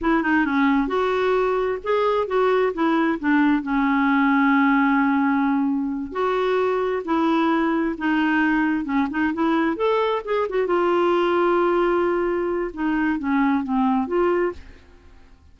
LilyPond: \new Staff \with { instrumentName = "clarinet" } { \time 4/4 \tempo 4 = 132 e'8 dis'8 cis'4 fis'2 | gis'4 fis'4 e'4 d'4 | cis'1~ | cis'4. fis'2 e'8~ |
e'4. dis'2 cis'8 | dis'8 e'4 a'4 gis'8 fis'8 f'8~ | f'1 | dis'4 cis'4 c'4 f'4 | }